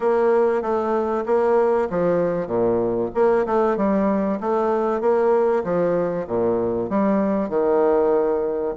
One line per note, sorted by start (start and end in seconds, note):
0.00 0.62 A#3
0.62 1.24 A3
1.26 1.88 A#3
1.89 2.47 F3
2.47 3.09 A#2
3.14 3.45 A#3
3.46 3.76 A3
3.76 4.39 G3
4.40 5.00 A3
5.00 5.63 A#3
5.63 6.26 F3
6.27 6.89 A#2
6.89 7.49 G3
7.49 8.74 D#3